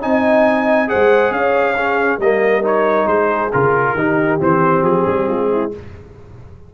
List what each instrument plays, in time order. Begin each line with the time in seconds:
0.00 tuba C4, trombone D#4, horn D#5, trumpet G#5
0.87 trombone G#4, horn C5, trumpet F#5
0.94 tuba G#3
1.30 tuba C#4, horn C#5, trumpet F5
1.76 trombone C#4, horn G#4
2.18 tuba G3, trombone A#3, horn A#4, trumpet D#5
2.62 trombone D#4, trumpet C#5
3.06 tuba G#3, horn G#4, trumpet C5
3.52 tuba C#3, trombone F4, trumpet A#4
3.93 tuba D#3, trombone D#4, horn G4
4.40 tuba E3, trombone C4, trumpet C5
4.82 tuba F3, trumpet G#4
5.06 tuba G3
5.27 tuba G#3, horn F4
5.52 horn E4